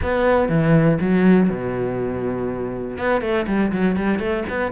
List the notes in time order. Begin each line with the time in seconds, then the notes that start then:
0.02 B3
0.48 E3
1.00 F#3
1.49 B2
2.97 B3
3.21 A3
3.46 G3
3.72 F#3
3.96 G3
4.19 A3
4.49 B3